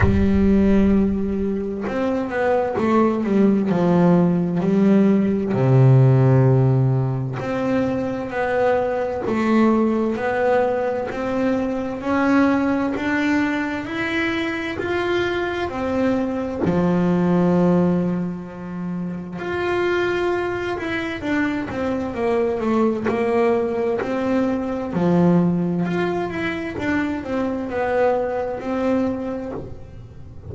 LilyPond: \new Staff \with { instrumentName = "double bass" } { \time 4/4 \tempo 4 = 65 g2 c'8 b8 a8 g8 | f4 g4 c2 | c'4 b4 a4 b4 | c'4 cis'4 d'4 e'4 |
f'4 c'4 f2~ | f4 f'4. e'8 d'8 c'8 | ais8 a8 ais4 c'4 f4 | f'8 e'8 d'8 c'8 b4 c'4 | }